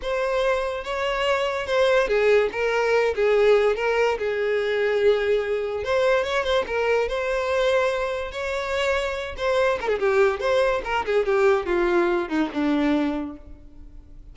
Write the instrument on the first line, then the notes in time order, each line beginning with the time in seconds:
violin
0.02 C5
0.84 C#5
1.66 C5
2.07 G#4
2.52 A#4
3.15 G#4
3.76 A#4
4.18 G#4
5.84 C5
6.23 C#5
6.44 C5
6.67 A#4
7.08 C5
8.31 C#5
9.37 C5
9.80 A#4
9.88 G#4
9.99 G4
10.39 C5
10.84 A#4
11.05 G#4
11.25 G4
11.66 F4
12.28 D#4
12.53 D4